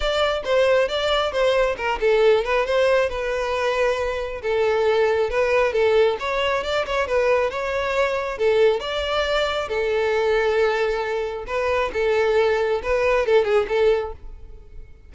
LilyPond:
\new Staff \with { instrumentName = "violin" } { \time 4/4 \tempo 4 = 136 d''4 c''4 d''4 c''4 | ais'8 a'4 b'8 c''4 b'4~ | b'2 a'2 | b'4 a'4 cis''4 d''8 cis''8 |
b'4 cis''2 a'4 | d''2 a'2~ | a'2 b'4 a'4~ | a'4 b'4 a'8 gis'8 a'4 | }